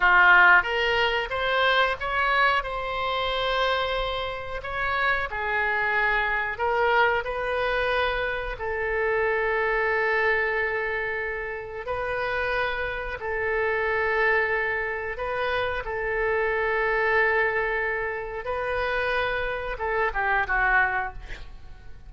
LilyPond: \new Staff \with { instrumentName = "oboe" } { \time 4/4 \tempo 4 = 91 f'4 ais'4 c''4 cis''4 | c''2. cis''4 | gis'2 ais'4 b'4~ | b'4 a'2.~ |
a'2 b'2 | a'2. b'4 | a'1 | b'2 a'8 g'8 fis'4 | }